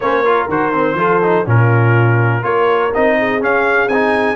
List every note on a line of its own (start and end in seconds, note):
0.00 0.48 A#3
0.00 0.24 C#4
0.00 0.24 C5
0.00 0.48 C#5
0.24 0.49 F4
0.24 0.97 A#4
0.48 0.94 D#3
0.48 0.72 F#4
0.48 1.48 C5
0.72 0.97 C4
0.94 1.43 F3
0.94 1.22 F4
0.94 1.46 A4
1.22 1.45 D#4
1.45 2.43 A#2
1.45 2.42 C#4
1.45 2.44 F4
1.45 2.44 A#4
2.42 2.92 A#3
2.42 2.91 F4
2.42 3.18 A#4
2.42 2.92 C#5
2.94 3.43 C4
2.94 3.40 D#4
2.94 3.43 D#5
3.18 4.36 G#4
3.40 3.89 C#4
3.40 3.87 C#4
3.40 3.88 F5
3.87 4.36 C4
3.87 4.36 D#4
3.87 4.36 G#5